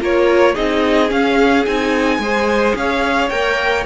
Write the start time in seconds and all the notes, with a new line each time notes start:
0.00 A#3 F4 A#4 C#5
0.55 C4 D#4 G#4 D#5
1.09 C#4 F5
1.65 C4 D#4 G#5
2.19 G#3 G#4 C5
2.76 C#4 C#5 F5
3.29 A#3 A#4 G5